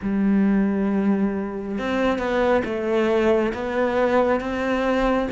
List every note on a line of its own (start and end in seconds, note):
0.02 1.78 G3
1.78 2.18 C4
2.18 2.62 B3
2.64 3.53 A3
3.53 4.40 B3
4.40 5.28 C4